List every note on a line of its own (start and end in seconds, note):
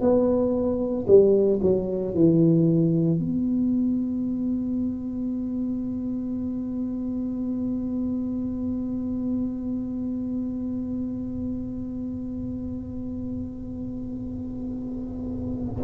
0.00 1.05 B3
1.07 1.59 G3
1.61 2.14 F#3
2.14 3.19 E3
3.19 15.82 B3